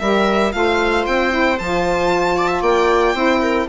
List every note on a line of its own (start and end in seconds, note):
0.00 0.54 G3
0.00 0.52 G4
0.00 0.54 A#4
0.00 0.53 E5
0.52 1.07 A3
0.52 1.30 F4
0.52 2.37 C5
0.52 1.05 F5
1.07 1.60 C4
1.07 1.59 G5
1.30 1.57 E4
1.59 2.62 F3
1.59 3.15 F4
1.59 2.63 A5
2.37 2.48 D5
2.48 2.61 E5
2.62 3.14 A#3
2.62 3.14 D5
2.62 3.68 G5
3.14 3.67 C4
3.14 3.68 E4
3.14 3.41 C5
3.42 3.68 A#4